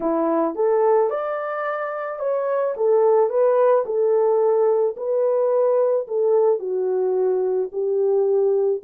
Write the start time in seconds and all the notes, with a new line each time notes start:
0.00 E4
0.55 A4
1.10 D5
2.19 C#5
2.76 A4
3.29 B4
3.85 A4
4.96 B4
6.07 A4
6.59 F#4
7.71 G4